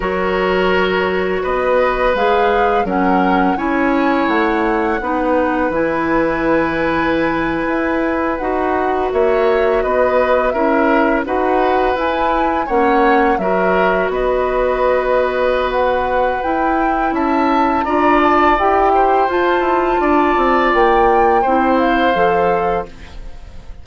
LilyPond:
<<
  \new Staff \with { instrumentName = "flute" } { \time 4/4 \tempo 4 = 84 cis''2 dis''4 f''4 | fis''4 gis''4 fis''2 | gis''2.~ gis''8. fis''16~ | fis''8. e''4 dis''4 e''4 fis''16~ |
fis''8. gis''4 fis''4 e''4 dis''16~ | dis''2 fis''4 g''4 | a''4 ais''8 a''8 g''4 a''4~ | a''4 g''4. f''4. | }
  \new Staff \with { instrumentName = "oboe" } { \time 4/4 ais'2 b'2 | ais'4 cis''2 b'4~ | b'1~ | b'8. cis''4 b'4 ais'4 b'16~ |
b'4.~ b'16 cis''4 ais'4 b'16~ | b'1 | e''4 d''4. c''4. | d''2 c''2 | }
  \new Staff \with { instrumentName = "clarinet" } { \time 4/4 fis'2. gis'4 | cis'4 e'2 dis'4 | e'2.~ e'8. fis'16~ | fis'2~ fis'8. e'4 fis'16~ |
fis'8. e'4 cis'4 fis'4~ fis'16~ | fis'2. e'4~ | e'4 f'4 g'4 f'4~ | f'2 e'4 a'4 | }
  \new Staff \with { instrumentName = "bassoon" } { \time 4/4 fis2 b4 gis4 | fis4 cis'4 a4 b4 | e2~ e8. e'4 dis'16~ | dis'8. ais4 b4 cis'4 dis'16~ |
dis'8. e'4 ais4 fis4 b16~ | b2. e'4 | cis'4 d'4 e'4 f'8 e'8 | d'8 c'8 ais4 c'4 f4 | }
>>